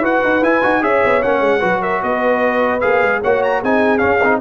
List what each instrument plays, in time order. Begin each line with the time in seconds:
0.00 tuba E4, trombone F#4, horn B4, trumpet F#5
0.24 tuba D#4
0.42 tuba E4, trombone E4, trumpet G#5
0.62 tuba D#4, trombone F#4
0.82 tuba C#4, trombone G#4, horn C#5, trumpet E5
1.04 tuba B3
1.23 tuba A#3, trombone C#4, trumpet F#5
1.40 tuba G#3
1.60 tuba F#3, trombone F#4, horn B4
1.81 horn A#4, trumpet E5
2.03 tuba B3, horn B4, trumpet D#5
2.81 tuba A#3, trombone G#4, trumpet F5
3.02 tuba G#3
3.22 tuba A#3, trombone F#4, horn C#5, trumpet F#5
3.43 trumpet A#5
3.60 tuba C4, trombone D#4, horn G#4, trumpet G#5
3.98 trombone C#4, tuba C#4, trumpet F5
4.23 tuba C4, trombone D#4